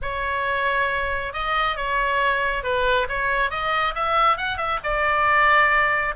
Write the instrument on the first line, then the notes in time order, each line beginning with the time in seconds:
oboe
0.02 C#5
1.33 D#5
1.76 C#5
2.63 B4
3.08 C#5
3.50 D#5
3.94 E5
4.37 F#5
4.57 E5
4.83 D5